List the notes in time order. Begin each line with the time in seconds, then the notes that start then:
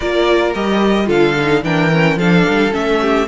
0.00 A#3 F4 A#4 D5
0.54 G3 G4 D#5
1.05 D3 F4 A4 F5
1.39 D#4
1.63 E3 D4 A#4 G5
1.91 C#4
2.16 F3 D4 A4 F5
2.49 G3
2.71 A3 C#4 E5
3.01 G4